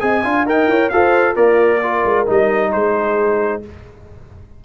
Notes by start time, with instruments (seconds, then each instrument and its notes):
0.00 tuba C4, trombone G#4, horn D#5, trumpet G#5
0.24 tuba D4, trombone F4, horn F5
0.46 tuba D#4, trombone A#4, horn D#5, trumpet G5
0.67 tuba E4, horn C#5
0.89 tuba F4, trombone A4, horn C5, trumpet F5
1.34 tuba A#3, horn F4, trombone A#4, trumpet D5
1.81 trombone F4, horn A#4
2.05 tuba G#3
2.27 tuba G3, trombone D#4, trumpet D#5
2.72 tuba G#3, horn G#4, trumpet C5